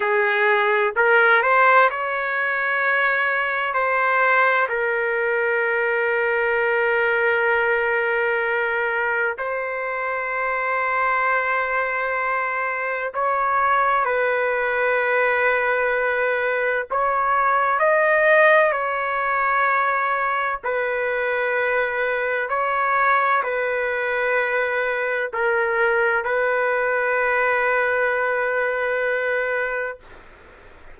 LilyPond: \new Staff \with { instrumentName = "trumpet" } { \time 4/4 \tempo 4 = 64 gis'4 ais'8 c''8 cis''2 | c''4 ais'2.~ | ais'2 c''2~ | c''2 cis''4 b'4~ |
b'2 cis''4 dis''4 | cis''2 b'2 | cis''4 b'2 ais'4 | b'1 | }